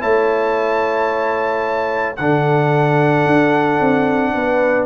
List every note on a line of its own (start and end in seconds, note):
0.00 2.19 A3
0.00 2.16 E4
0.00 2.18 C#5
0.00 2.16 A5
2.16 3.26 D3
2.16 4.86 D4
2.16 4.35 A4
2.16 4.86 F#5
3.26 3.80 D4
3.80 4.34 C4
4.34 4.86 B3
4.34 4.86 B4